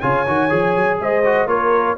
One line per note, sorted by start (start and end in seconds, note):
0.00 0.27 C#3
0.00 0.26 F4
0.00 0.98 C#5
0.00 0.98 G#5
0.27 0.52 D#3
0.27 0.49 F#4
0.49 0.76 F3
0.49 1.23 G#4
0.76 1.00 F#3
1.00 1.46 G#3
1.00 1.48 C5
1.00 1.48 D#5
1.25 1.48 F#4
1.46 1.95 A#3
1.46 1.97 F4
1.46 1.97 A#4
1.46 1.97 C#5